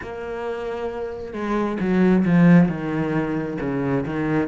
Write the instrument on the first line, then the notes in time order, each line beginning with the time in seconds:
cello
0.02 A#3
1.33 G#3
1.80 F#3
2.25 F3
2.68 D#3
3.60 C#3
4.05 D#3